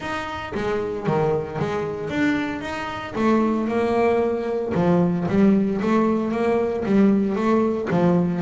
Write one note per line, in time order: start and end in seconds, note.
0.00 0.53 D#4
0.54 1.06 G#3
1.06 1.59 D#3
1.59 2.09 G#3
2.09 2.61 D4
2.61 3.14 D#4
3.15 3.67 A3
3.67 4.73 A#3
4.74 5.27 F3
5.28 5.80 G3
5.81 6.31 A3
6.31 6.84 A#3
6.85 7.35 G3
7.35 7.88 A3
7.90 8.41 F3